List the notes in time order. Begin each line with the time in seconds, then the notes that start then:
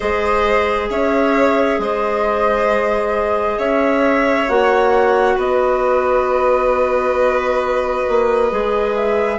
0.00 G#3 G#4 C5 D#5
0.89 C#4 C#5 E5
1.78 G#3 C5 D#5
3.57 C#4 C#5 E5
4.48 A#3 F#4 F#5
5.35 B3 B4 D#5
8.08 A#3
8.50 G#3 G#4
8.95 E5